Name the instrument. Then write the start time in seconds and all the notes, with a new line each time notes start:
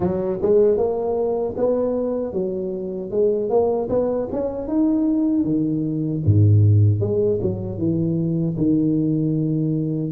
tuba
0.00 F#3
0.41 G#3
0.77 A#3
1.56 B3
2.32 F#3
3.10 G#3
3.49 A#3
3.89 B3
4.31 C#4
4.68 D#4
5.44 D#3
6.25 G#2
7.00 G#3
7.41 F#3
7.78 E3
8.57 D#3